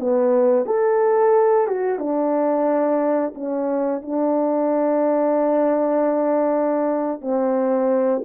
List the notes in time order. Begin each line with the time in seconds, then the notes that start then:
0.00 B3
0.66 A4
1.68 F#4
1.99 D4
3.35 C#4
4.02 D4
7.22 C4